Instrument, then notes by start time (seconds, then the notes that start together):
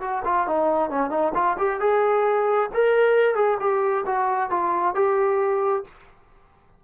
trombone
0.00 F#4
0.25 F4
0.47 D#4
0.90 C#4
1.10 D#4
1.34 F4
1.58 G4
1.80 G#4
2.74 A#4
3.35 G#4
3.60 G4
4.06 F#4
4.50 F4
4.95 G4